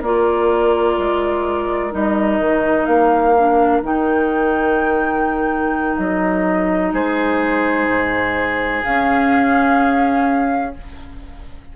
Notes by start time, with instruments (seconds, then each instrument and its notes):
0.00 bassoon A#3, clarinet F4, oboe A#4, flute D5
0.97 bassoon G#3
1.91 bassoon G3, clarinet D#4, flute D#5
2.39 bassoon D#3
2.85 bassoon A#3, flute F5
3.38 clarinet D4
3.82 bassoon D#3, clarinet D#4, flute G5
5.97 bassoon F#3, flute D#5
6.92 bassoon G#3, oboe G#4, flute C5
7.87 bassoon G#2
8.83 clarinet C#4, bassoon C#4, flute F5